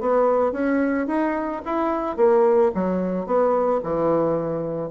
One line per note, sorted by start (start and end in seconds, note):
0.00 0.52 B3
0.52 1.07 C#4
1.07 1.62 D#4
1.65 2.17 E4
2.17 2.71 A#3
2.74 3.26 F#3
3.26 3.81 B3
3.84 4.90 E3